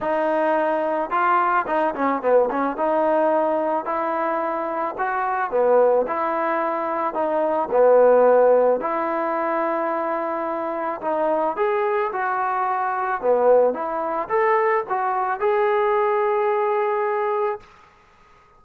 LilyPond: \new Staff \with { instrumentName = "trombone" } { \time 4/4 \tempo 4 = 109 dis'2 f'4 dis'8 cis'8 | b8 cis'8 dis'2 e'4~ | e'4 fis'4 b4 e'4~ | e'4 dis'4 b2 |
e'1 | dis'4 gis'4 fis'2 | b4 e'4 a'4 fis'4 | gis'1 | }